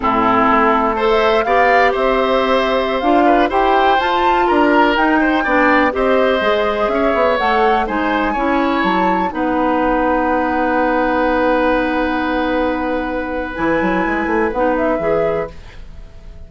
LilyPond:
<<
  \new Staff \with { instrumentName = "flute" } { \time 4/4 \tempo 4 = 124 a'2~ a'16 e''8. f''4 | e''2~ e''16 f''4 g''8.~ | g''16 a''4 ais''4 g''4.~ g''16~ | g''16 dis''2 e''4 fis''8.~ |
fis''16 gis''2 a''4 fis''8.~ | fis''1~ | fis''1 | gis''2 fis''8 e''4. | }
  \new Staff \with { instrumentName = "oboe" } { \time 4/4 e'2 c''4 d''4 | c''2~ c''8. b'8 c''8.~ | c''4~ c''16 ais'4. c''8 d''8.~ | d''16 c''2 cis''4.~ cis''16~ |
cis''16 c''4 cis''2 b'8.~ | b'1~ | b'1~ | b'1 | }
  \new Staff \with { instrumentName = "clarinet" } { \time 4/4 c'2 a'4 g'4~ | g'2~ g'16 f'4 g'8.~ | g'16 f'2 dis'4 d'8.~ | d'16 g'4 gis'2 a'8.~ |
a'16 dis'4 e'2 dis'8.~ | dis'1~ | dis'1 | e'2 dis'4 gis'4 | }
  \new Staff \with { instrumentName = "bassoon" } { \time 4/4 a,4 a2 b4 | c'2~ c'16 d'4 e'8.~ | e'16 f'4 d'4 dis'4 b8.~ | b16 c'4 gis4 cis'8 b8 a8.~ |
a16 gis4 cis'4 fis4 b8.~ | b1~ | b1 | e8 fis8 gis8 a8 b4 e4 | }
>>